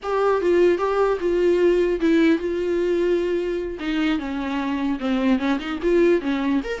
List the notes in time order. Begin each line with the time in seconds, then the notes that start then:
0.02 G4
0.41 F4
0.78 G4
1.20 F4
2.00 E4
2.38 F4
3.79 D#4
4.18 C#4
4.99 C4
5.39 C#4
5.59 D#4
5.82 F4
6.21 C#4
6.63 A#4